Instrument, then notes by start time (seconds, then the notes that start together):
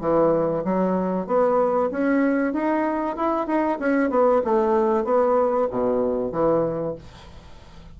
bassoon
0.00 E3
0.64 F#3
1.27 B3
1.91 C#4
2.53 D#4
3.16 E4
3.47 D#4
3.79 C#4
4.09 B3
4.44 A3
5.04 B3
5.70 B2
6.32 E3